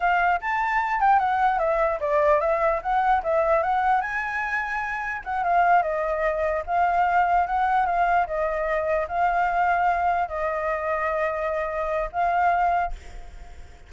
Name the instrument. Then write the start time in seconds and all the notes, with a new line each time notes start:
flute
0.00 F5
0.40 A5
1.00 G5
1.19 F#5
1.58 E5
2.00 D5
2.40 E5
2.82 F#5
3.23 E5
3.63 F#5
4.01 G#5
5.24 F#5
5.43 F5
5.82 D#5
6.66 F5
7.46 F#5
7.86 F5
8.26 D#5
9.08 F5
10.28 D#5
12.12 F5